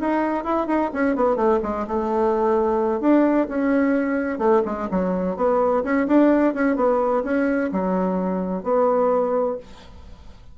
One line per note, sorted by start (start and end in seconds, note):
0.00 0.44 D#4
0.44 0.67 E4
0.67 0.91 D#4
0.93 1.16 C#4
1.16 1.36 B3
1.36 1.60 A3
1.63 1.86 G#3
1.87 3.00 A3
3.00 3.47 D4
3.49 4.38 C#4
4.38 4.62 A3
4.65 4.89 G#3
4.91 5.37 F#3
5.37 5.83 B3
5.84 6.07 C#4
6.07 6.54 D4
6.54 6.76 C#4
6.76 7.23 B3
7.24 7.70 C#4
7.72 8.64 F#3
8.64 9.57 B3